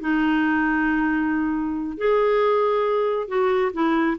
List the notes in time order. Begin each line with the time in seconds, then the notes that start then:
0.00 D#4
1.97 G#4
3.28 F#4
3.73 E4